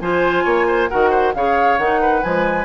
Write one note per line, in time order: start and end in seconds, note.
0.00 0.45 F3
0.00 0.90 F4
0.00 0.44 C5
0.00 0.89 G#5
0.44 0.89 A#3
0.44 0.66 C#5
0.67 0.89 C5
0.89 1.34 D#3
0.89 1.34 F#4
0.89 1.10 A#4
0.89 1.33 F#5
1.10 1.32 C5
1.34 1.78 C#3
1.34 1.80 G#4
1.34 2.01 C#5
1.34 1.78 F5
1.78 2.22 D#3
1.78 2.22 D#4
1.78 2.22 F#5
2.01 2.65 B4
2.22 2.65 F3
2.22 2.65 G#3
2.22 2.65 G#5